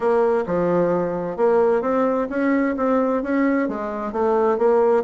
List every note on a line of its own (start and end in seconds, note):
0.00 0.44 A#3
0.46 1.36 F3
1.36 1.81 A#3
1.81 2.27 C4
2.29 2.75 C#4
2.76 3.22 C4
3.22 3.68 C#4
3.68 4.12 G#3
4.12 4.58 A3
4.58 5.03 A#3